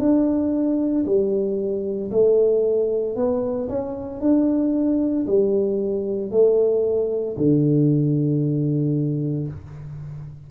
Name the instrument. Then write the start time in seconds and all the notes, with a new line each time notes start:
tuba
0.00 D4
1.06 G3
2.11 A3
3.16 B3
3.69 C#4
4.21 D4
5.27 G3
6.32 A3
7.38 D3